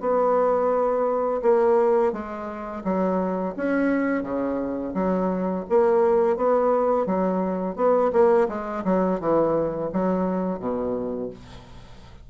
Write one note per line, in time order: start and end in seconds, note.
0.00 1.41 B3
1.42 2.12 A#3
2.12 2.83 G#3
2.84 3.55 F#3
3.56 4.23 C#4
4.23 4.93 C#3
4.94 5.64 F#3
5.69 6.36 A#3
6.36 7.06 B3
7.06 7.76 F#3
7.76 8.11 B3
8.12 8.48 A#3
8.48 8.84 G#3
8.85 9.20 F#3
9.20 9.91 E3
9.92 10.59 F#3
10.59 11.30 B2